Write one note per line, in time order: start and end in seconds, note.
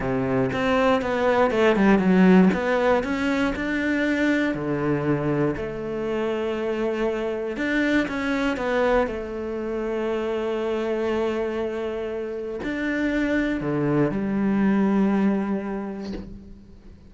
0.00 0.50 C3
0.52 1.01 C4
1.01 1.50 B3
1.50 1.76 A3
1.76 1.98 G3
1.98 2.49 F#3
2.53 3.03 B3
3.03 3.54 C#4
3.55 4.54 D4
4.54 5.55 D3
5.56 7.56 A3
7.56 8.07 D4
8.08 8.56 C#4
8.56 9.07 B3
9.07 12.60 A3
12.63 13.60 D4
13.60 14.11 D3
14.11 16.12 G3